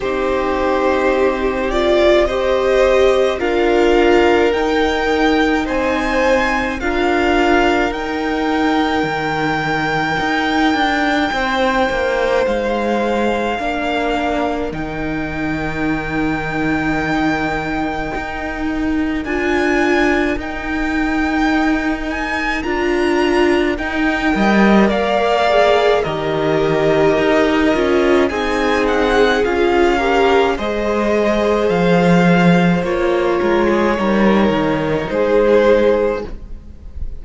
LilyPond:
<<
  \new Staff \with { instrumentName = "violin" } { \time 4/4 \tempo 4 = 53 c''4. d''8 dis''4 f''4 | g''4 gis''4 f''4 g''4~ | g''2. f''4~ | f''4 g''2.~ |
g''4 gis''4 g''4. gis''8 | ais''4 g''4 f''4 dis''4~ | dis''4 gis''8 fis''8 f''4 dis''4 | f''4 cis''2 c''4 | }
  \new Staff \with { instrumentName = "violin" } { \time 4/4 g'2 c''4 ais'4~ | ais'4 c''4 ais'2~ | ais'2 c''2 | ais'1~ |
ais'1~ | ais'4. dis''8 d''4 ais'4~ | ais'4 gis'4. ais'8 c''4~ | c''4. ais'16 gis'16 ais'4 gis'4 | }
  \new Staff \with { instrumentName = "viola" } { \time 4/4 dis'4. f'8 g'4 f'4 | dis'2 f'4 dis'4~ | dis'1 | d'4 dis'2.~ |
dis'4 f'4 dis'2 | f'4 dis'8 ais'4 gis'8 g'4~ | g'8 f'8 dis'4 f'8 g'8 gis'4~ | gis'4 f'4 dis'2 | }
  \new Staff \with { instrumentName = "cello" } { \time 4/4 c'2. d'4 | dis'4 c'4 d'4 dis'4 | dis4 dis'8 d'8 c'8 ais8 gis4 | ais4 dis2. |
dis'4 d'4 dis'2 | d'4 dis'8 g8 ais4 dis4 | dis'8 cis'8 c'4 cis'4 gis4 | f4 ais8 gis8 g8 dis8 gis4 | }
>>